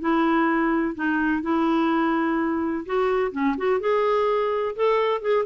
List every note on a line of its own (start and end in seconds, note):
0.00 0.95 E4
0.95 1.42 D#4
1.42 2.85 E4
2.85 3.32 F#4
3.32 3.55 C#4
3.57 3.80 F#4
3.80 4.75 G#4
4.76 5.21 A4
5.21 5.45 G#4